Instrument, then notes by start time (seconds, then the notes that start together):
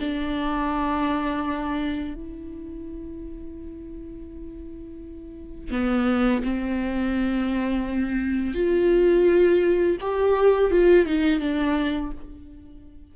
viola
0.00 D4
2.14 E4
5.70 B3
6.43 C4
8.54 F4
10.00 G4
10.71 F4
11.06 D#4
11.40 D4